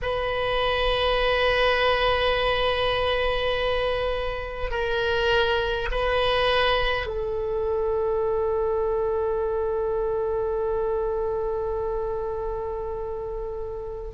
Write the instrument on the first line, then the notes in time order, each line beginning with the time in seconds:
oboe
0.02 B4
4.71 A#4
5.91 B4
7.06 A4